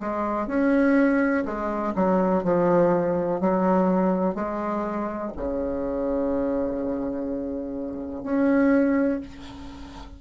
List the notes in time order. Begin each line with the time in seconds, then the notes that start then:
0.00 G#3
0.48 C#4
1.46 G#3
1.96 F#3
2.44 F3
3.41 F#3
4.35 G#3
5.37 C#3
8.24 C#4